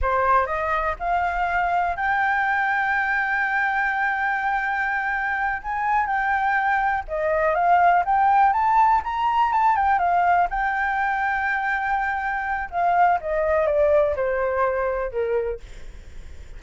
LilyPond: \new Staff \with { instrumentName = "flute" } { \time 4/4 \tempo 4 = 123 c''4 dis''4 f''2 | g''1~ | g''2.~ g''8 gis''8~ | gis''8 g''2 dis''4 f''8~ |
f''8 g''4 a''4 ais''4 a''8 | g''8 f''4 g''2~ g''8~ | g''2 f''4 dis''4 | d''4 c''2 ais'4 | }